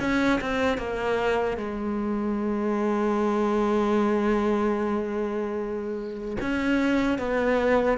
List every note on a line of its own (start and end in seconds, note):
0.00 0.40 C#4
0.41 0.78 C4
0.78 1.57 A#3
1.57 6.37 G#3
6.41 7.19 C#4
7.19 7.98 B3